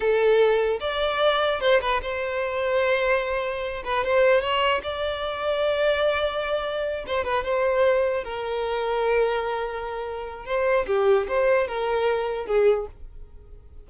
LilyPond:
\new Staff \with { instrumentName = "violin" } { \time 4/4 \tempo 4 = 149 a'2 d''2 | c''8 b'8 c''2.~ | c''4. b'8 c''4 cis''4 | d''1~ |
d''4. c''8 b'8 c''4.~ | c''8 ais'2.~ ais'8~ | ais'2 c''4 g'4 | c''4 ais'2 gis'4 | }